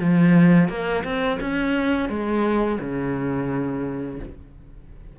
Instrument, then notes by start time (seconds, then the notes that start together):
cello
0.00 F3
0.69 A#3
1.04 C4
1.41 C#4
2.10 G#3
2.80 C#3